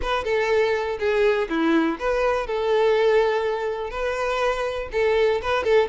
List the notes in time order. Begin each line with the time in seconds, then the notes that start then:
0.02 B4
0.24 A4
0.99 G#4
1.49 E4
1.99 B4
2.46 A4
3.90 B4
4.92 A4
5.41 B4
5.64 A4